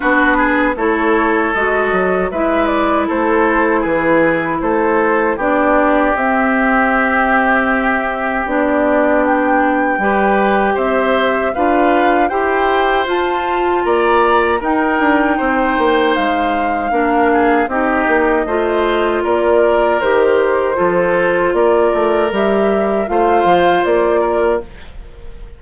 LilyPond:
<<
  \new Staff \with { instrumentName = "flute" } { \time 4/4 \tempo 4 = 78 b'4 cis''4 dis''4 e''8 d''8 | c''4 b'4 c''4 d''4 | e''2. d''4 | g''2 e''4 f''4 |
g''4 a''4 ais''4 g''4~ | g''4 f''2 dis''4~ | dis''4 d''4 c''2 | d''4 e''4 f''4 d''4 | }
  \new Staff \with { instrumentName = "oboe" } { \time 4/4 fis'8 gis'8 a'2 b'4 | a'4 gis'4 a'4 g'4~ | g'1~ | g'4 b'4 c''4 b'4 |
c''2 d''4 ais'4 | c''2 ais'8 gis'8 g'4 | c''4 ais'2 a'4 | ais'2 c''4. ais'8 | }
  \new Staff \with { instrumentName = "clarinet" } { \time 4/4 d'4 e'4 fis'4 e'4~ | e'2. d'4 | c'2. d'4~ | d'4 g'2 f'4 |
g'4 f'2 dis'4~ | dis'2 d'4 dis'4 | f'2 g'4 f'4~ | f'4 g'4 f'2 | }
  \new Staff \with { instrumentName = "bassoon" } { \time 4/4 b4 a4 gis8 fis8 gis4 | a4 e4 a4 b4 | c'2. b4~ | b4 g4 c'4 d'4 |
e'4 f'4 ais4 dis'8 d'8 | c'8 ais8 gis4 ais4 c'8 ais8 | a4 ais4 dis4 f4 | ais8 a8 g4 a8 f8 ais4 | }
>>